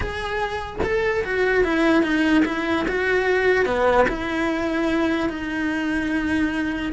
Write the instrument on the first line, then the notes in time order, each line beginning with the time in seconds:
cello
0.00 G#4
0.83 A4
1.24 F#4
1.64 E4
2.02 D#4
2.45 E4
2.88 F#4
3.65 B3
4.08 E4
5.29 D#4